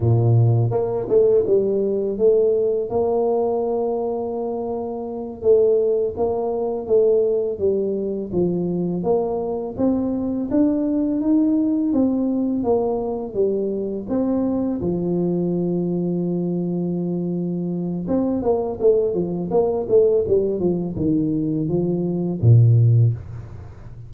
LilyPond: \new Staff \with { instrumentName = "tuba" } { \time 4/4 \tempo 4 = 83 ais,4 ais8 a8 g4 a4 | ais2.~ ais8 a8~ | a8 ais4 a4 g4 f8~ | f8 ais4 c'4 d'4 dis'8~ |
dis'8 c'4 ais4 g4 c'8~ | c'8 f2.~ f8~ | f4 c'8 ais8 a8 f8 ais8 a8 | g8 f8 dis4 f4 ais,4 | }